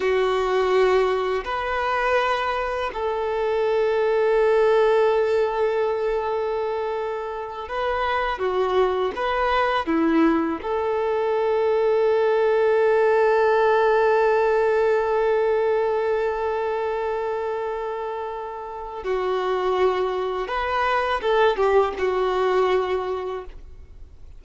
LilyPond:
\new Staff \with { instrumentName = "violin" } { \time 4/4 \tempo 4 = 82 fis'2 b'2 | a'1~ | a'2~ a'8 b'4 fis'8~ | fis'8 b'4 e'4 a'4.~ |
a'1~ | a'1~ | a'2 fis'2 | b'4 a'8 g'8 fis'2 | }